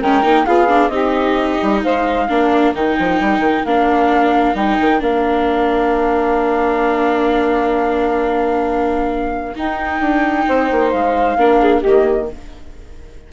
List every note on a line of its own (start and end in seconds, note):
0.00 0.24 G#3
0.00 0.23 C#4
0.00 0.45 A#4
0.00 0.46 G5
0.23 0.46 A#3
0.23 0.46 D#4
0.45 0.89 B3
0.45 0.68 F4
0.45 0.91 G#4
0.45 0.89 F5
0.68 0.91 D4
0.89 1.57 C4
0.89 2.28 D#4
0.89 1.83 G4
0.89 1.80 D#5
1.63 1.84 G3
1.84 2.30 G#3
1.84 2.28 C5
1.84 2.75 F5
2.28 2.75 A#3
2.28 2.75 D4
2.28 10.46 A#4
2.75 2.97 D#3
2.75 3.67 D#4
2.75 3.65 G5
2.99 3.21 F3
3.21 3.39 G3
3.39 3.62 D#3
3.65 4.55 A#3
3.65 4.55 D4
3.65 4.56 F5
4.55 4.77 G3
4.55 5.00 D#4
4.55 5.02 G5
4.81 5.01 D#3
5.00 9.56 A#3
5.00 9.54 D4
5.00 9.57 F5
9.56 11.38 D#4
9.56 10.00 D#4
9.56 10.91 G5
10.00 10.46 D4
10.48 10.71 C4
10.48 11.38 C5
10.72 10.94 A#3
10.91 11.37 G#3
10.91 11.82 F5
11.37 11.83 A#3
11.37 11.84 D4
11.37 11.61 A#4
11.61 11.80 G#4
11.80 12.31 A#3
11.80 12.25 G4
11.80 12.28 D#5
11.87 12.33 D#3